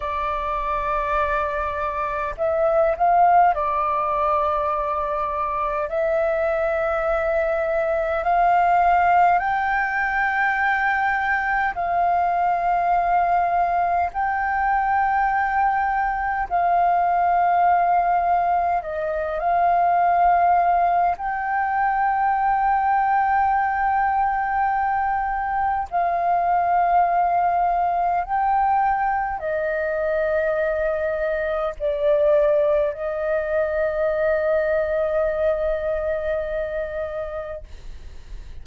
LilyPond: \new Staff \with { instrumentName = "flute" } { \time 4/4 \tempo 4 = 51 d''2 e''8 f''8 d''4~ | d''4 e''2 f''4 | g''2 f''2 | g''2 f''2 |
dis''8 f''4. g''2~ | g''2 f''2 | g''4 dis''2 d''4 | dis''1 | }